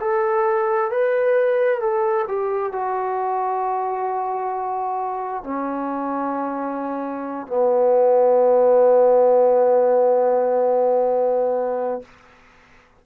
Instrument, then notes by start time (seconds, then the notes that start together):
trombone
0.00 A4
0.91 B4
1.80 A4
2.28 G4
2.72 F#4
5.43 C#4
7.47 B3